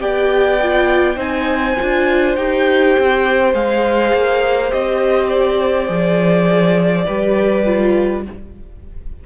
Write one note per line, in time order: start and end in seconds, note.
0.00 1.17 B3
0.00 0.59 G4
0.00 1.17 D5
0.00 1.19 G5
0.62 1.16 F4
1.16 1.76 C4
1.16 1.75 D#4
1.16 7.05 C5
1.16 2.36 G#5
1.81 2.37 D4
1.81 2.37 F4
2.36 2.96 D#4
2.36 3.54 G4
2.36 3.54 G5
2.99 3.54 C4
3.54 4.13 G#3
3.54 4.70 G#4
3.54 4.73 F5
4.14 4.73 A#3
4.70 5.89 C4
4.70 5.88 G4
4.70 5.29 D#5
5.29 8.24 D5
5.88 7.07 F3
5.88 7.05 G#4
7.07 8.26 G3
7.07 7.66 G4
7.07 8.24 B4
7.66 8.25 F4